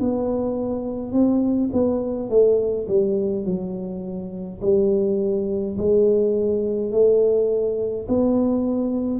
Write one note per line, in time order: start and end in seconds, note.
0.00 1.12 B3
1.12 1.70 C4
1.73 2.30 B3
2.30 2.87 A3
2.88 3.45 G3
3.45 4.60 F#3
4.62 5.77 G3
5.77 6.92 G#3
6.92 8.07 A3
8.09 9.20 B3